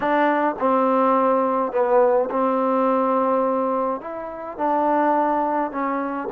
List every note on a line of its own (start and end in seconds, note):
0.00 0.55 D4
0.59 1.72 C4
1.72 2.29 B3
2.30 4.01 C4
4.01 4.57 E4
4.57 5.71 D4
5.71 6.28 C#4